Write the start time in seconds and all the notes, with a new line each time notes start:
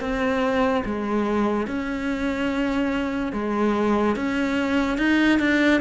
0.00 C4
0.85 G#3
1.67 C#4
3.33 G#3
4.16 C#4
4.98 D#4
5.39 D4